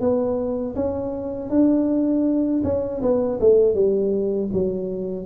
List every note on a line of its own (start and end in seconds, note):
0.00 0.75 B3
0.75 1.50 C#4
1.50 2.62 D4
2.64 3.01 C#4
3.02 3.39 B3
3.40 3.75 A3
3.75 4.50 G3
4.53 5.26 F#3